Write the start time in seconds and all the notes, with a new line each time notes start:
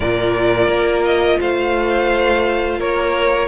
0.00 A#2 F4 A#4 D5
0.68 A#3
1.05 D#5
1.39 A3 C5 F5
2.78 A#3 A#4 C#5